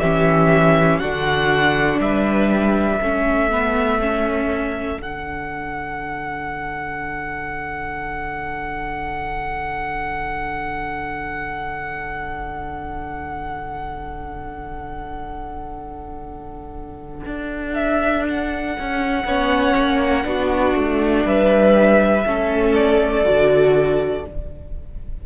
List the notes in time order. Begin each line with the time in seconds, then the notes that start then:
0.00 E3 C#4 G4 E5
0.99 D3 D4 F#4 F#5
1.99 G3 B4 E5
3.01 A3 C#4 A4
3.51 B3
4.00 C#4
4.97 D3 D4 F#5
17.26 D4
17.74 E5
18.30 F#5
18.80 C#4
19.25 B3 C#4 C#5
19.76 A#3
20.24 B3 D4 F#4
20.75 A3
21.25 G3 B4 E5
22.26 A3 C#4 A4
22.75 D5
23.25 D3 F#4